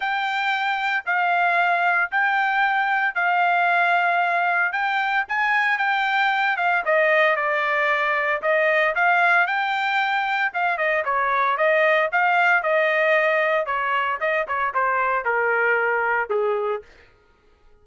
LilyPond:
\new Staff \with { instrumentName = "trumpet" } { \time 4/4 \tempo 4 = 114 g''2 f''2 | g''2 f''2~ | f''4 g''4 gis''4 g''4~ | g''8 f''8 dis''4 d''2 |
dis''4 f''4 g''2 | f''8 dis''8 cis''4 dis''4 f''4 | dis''2 cis''4 dis''8 cis''8 | c''4 ais'2 gis'4 | }